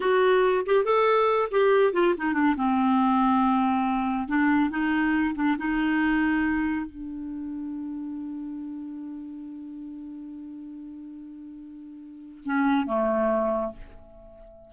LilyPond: \new Staff \with { instrumentName = "clarinet" } { \time 4/4 \tempo 4 = 140 fis'4. g'8 a'4. g'8~ | g'8 f'8 dis'8 d'8 c'2~ | c'2 d'4 dis'4~ | dis'8 d'8 dis'2. |
d'1~ | d'1~ | d'1~ | d'4 cis'4 a2 | }